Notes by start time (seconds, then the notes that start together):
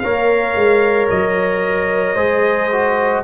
0.00 A#3 A#4 C#5 F5
0.56 G#3
1.10 F#3 D#5
2.15 G#3 G#4 C5
2.72 F#4